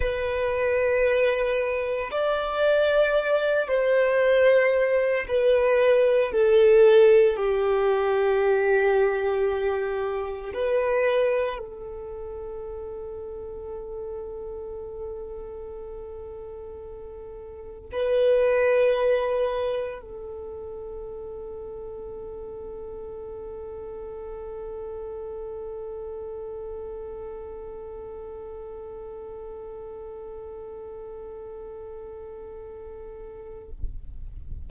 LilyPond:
\new Staff \with { instrumentName = "violin" } { \time 4/4 \tempo 4 = 57 b'2 d''4. c''8~ | c''4 b'4 a'4 g'4~ | g'2 b'4 a'4~ | a'1~ |
a'4 b'2 a'4~ | a'1~ | a'1~ | a'1 | }